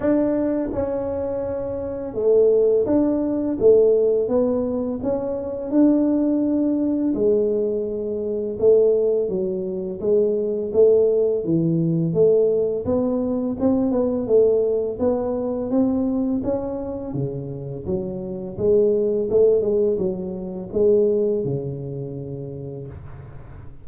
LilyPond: \new Staff \with { instrumentName = "tuba" } { \time 4/4 \tempo 4 = 84 d'4 cis'2 a4 | d'4 a4 b4 cis'4 | d'2 gis2 | a4 fis4 gis4 a4 |
e4 a4 b4 c'8 b8 | a4 b4 c'4 cis'4 | cis4 fis4 gis4 a8 gis8 | fis4 gis4 cis2 | }